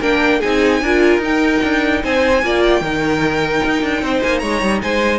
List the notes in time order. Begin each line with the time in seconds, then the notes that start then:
0.00 A#3 D4 A#4 G5
0.40 C4 D#4 G#4 G#5
0.82 D4 F4 A#4
1.18 D#4
1.24 G5
1.63 D4
2.04 C4 C5 G#5
2.43 A#3 F4 D5
2.63 G5
2.81 D#3 D#4 A#4
3.66 D#4
3.82 D4
4.02 C4 C5
4.23 A#3 G#5
4.39 G#3 C#5 A#5
4.62 G3
4.83 G#3 C5 G#5